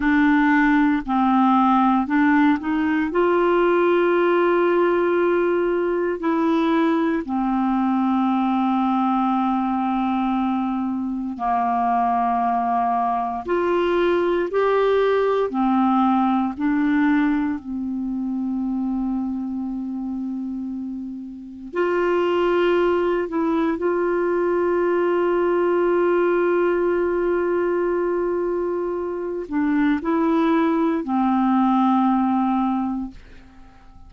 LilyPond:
\new Staff \with { instrumentName = "clarinet" } { \time 4/4 \tempo 4 = 58 d'4 c'4 d'8 dis'8 f'4~ | f'2 e'4 c'4~ | c'2. ais4~ | ais4 f'4 g'4 c'4 |
d'4 c'2.~ | c'4 f'4. e'8 f'4~ | f'1~ | f'8 d'8 e'4 c'2 | }